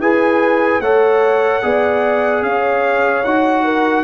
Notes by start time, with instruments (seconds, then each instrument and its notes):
0.00 tuba E4, trombone G#4, horn B4, trumpet G#5
0.80 tuba A3, trombone A4, horn C#5, trumpet F#5
1.62 tuba B3, trombone G#4, horn D5
2.43 tuba C#4, horn C#5, trumpet F5
3.25 tuba D#4, trombone F#4, trumpet F#5
3.64 horn A#4